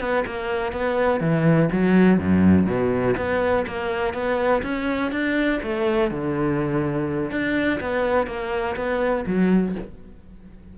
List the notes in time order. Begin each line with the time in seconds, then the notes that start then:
0.00 B3
0.26 A#3
0.73 B3
1.21 E3
1.72 F#3
2.19 F#2
2.67 B2
3.17 B3
3.67 A#3
4.14 B3
4.63 C#4
5.12 D4
5.63 A3
6.11 D3
7.31 D4
7.81 B3
8.27 A#3
8.76 B3
9.27 F#3